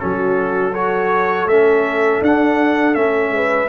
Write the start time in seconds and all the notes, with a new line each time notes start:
0.00 F#3 C#4 F#4 A4
0.73 F#4 A4 C#5
1.46 A3 C#4 E5
2.22 D4 F#5
2.94 A3 C#4 E5
3.31 G#3 B4